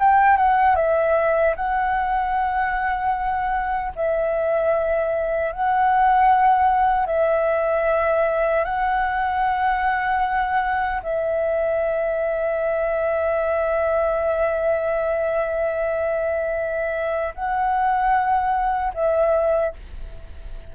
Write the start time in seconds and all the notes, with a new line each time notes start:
0.00 G5
0.37 F#5
0.76 E5
1.56 F#5
3.96 E5
5.53 F#5
7.07 E5
8.65 F#5
11.03 E5
17.35 F#5
18.94 E5